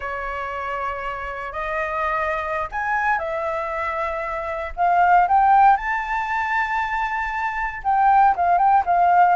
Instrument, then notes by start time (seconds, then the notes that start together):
flute
0.00 C#5
1.52 D#5
2.71 G#5
3.18 E5
4.76 F5
5.28 G5
5.76 A5
7.83 G5
8.36 F5
8.58 G5
8.85 F5